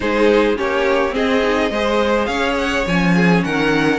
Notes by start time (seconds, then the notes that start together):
0.00 G#3 D#4 G#4 C5
0.55 A#3 C#4 G4 C#5
1.10 C4 G#4 D#5
1.17 C4
1.42 D#4
1.70 G#3 G#4 C5
2.25 C#4 C#5 F5
2.57 F#5
2.86 F3 C#4 G#5
3.15 G#4
3.44 D#3 A#4 F#5